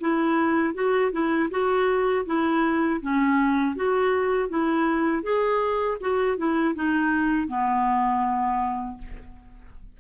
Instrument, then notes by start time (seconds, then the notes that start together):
clarinet
0.00 E4
0.74 F#4
1.12 E4
1.50 F#4
2.26 E4
3.01 C#4
3.76 F#4
4.49 E4
5.23 G#4
6.01 F#4
6.37 E4
6.75 D#4
7.48 B3